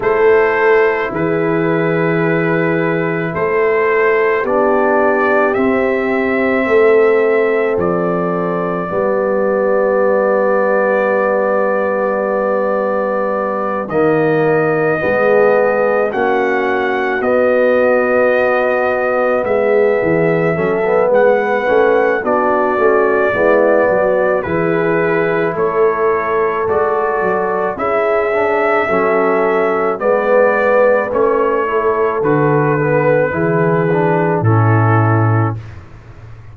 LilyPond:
<<
  \new Staff \with { instrumentName = "trumpet" } { \time 4/4 \tempo 4 = 54 c''4 b'2 c''4 | d''4 e''2 d''4~ | d''1~ | d''8 dis''2 fis''4 dis''8~ |
dis''4. e''4. fis''4 | d''2 b'4 cis''4 | d''4 e''2 d''4 | cis''4 b'2 a'4 | }
  \new Staff \with { instrumentName = "horn" } { \time 4/4 a'4 gis'2 a'4 | g'2 a'2 | g'1~ | g'4. gis'4 fis'4.~ |
fis'4. gis'4 a'8 b'4 | fis'4 e'8 fis'8 gis'4 a'4~ | a'4 gis'4 a'4 b'4~ | b'8 a'4. gis'4 e'4 | }
  \new Staff \with { instrumentName = "trombone" } { \time 4/4 e'1 | d'4 c'2. | b1~ | b8 ais4 b4 cis'4 b8~ |
b2~ b8 cis'16 b8. cis'8 | d'8 cis'8 b4 e'2 | fis'4 e'8 d'8 cis'4 b4 | cis'8 e'8 fis'8 b8 e'8 d'8 cis'4 | }
  \new Staff \with { instrumentName = "tuba" } { \time 4/4 a4 e2 a4 | b4 c'4 a4 f4 | g1~ | g8 dis4 gis4 ais4 b8~ |
b4. gis8 e8 fis8 gis8 a8 | b8 a8 gis8 fis8 e4 a4 | gis8 fis8 cis'4 fis4 gis4 | a4 d4 e4 a,4 | }
>>